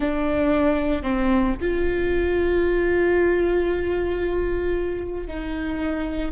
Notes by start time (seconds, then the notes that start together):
0.00 D4
1.02 C4
1.61 F4
5.27 D#4